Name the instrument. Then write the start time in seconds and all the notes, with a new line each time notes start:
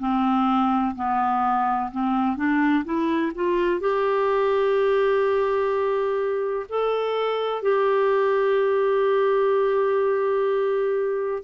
clarinet
0.00 C4
0.96 B3
1.92 C4
2.37 D4
2.85 E4
3.35 F4
3.81 G4
6.69 A4
7.62 G4